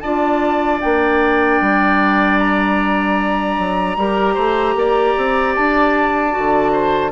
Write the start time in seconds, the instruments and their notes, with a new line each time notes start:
0.00 bassoon D4, clarinet F4, oboe D5, flute A5
0.80 bassoon A#3, clarinet D4, flute G5
1.61 bassoon G3
2.38 flute A#5
3.58 bassoon F#3
3.96 bassoon G3, clarinet G4, oboe A#4
4.34 bassoon A3, oboe C5
4.75 bassoon A#3, oboe D5
5.17 bassoon C4
5.55 bassoon D4, flute A5
6.31 clarinet F#4
6.37 bassoon D3
6.72 oboe C5